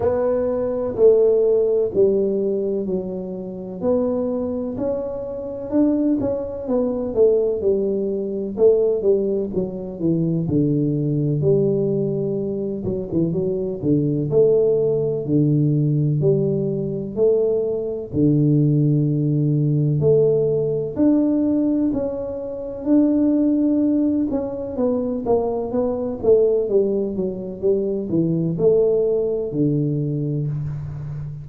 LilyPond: \new Staff \with { instrumentName = "tuba" } { \time 4/4 \tempo 4 = 63 b4 a4 g4 fis4 | b4 cis'4 d'8 cis'8 b8 a8 | g4 a8 g8 fis8 e8 d4 | g4. fis16 e16 fis8 d8 a4 |
d4 g4 a4 d4~ | d4 a4 d'4 cis'4 | d'4. cis'8 b8 ais8 b8 a8 | g8 fis8 g8 e8 a4 d4 | }